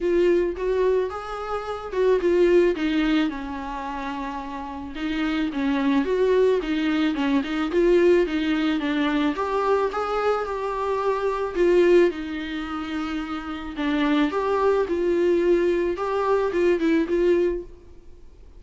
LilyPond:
\new Staff \with { instrumentName = "viola" } { \time 4/4 \tempo 4 = 109 f'4 fis'4 gis'4. fis'8 | f'4 dis'4 cis'2~ | cis'4 dis'4 cis'4 fis'4 | dis'4 cis'8 dis'8 f'4 dis'4 |
d'4 g'4 gis'4 g'4~ | g'4 f'4 dis'2~ | dis'4 d'4 g'4 f'4~ | f'4 g'4 f'8 e'8 f'4 | }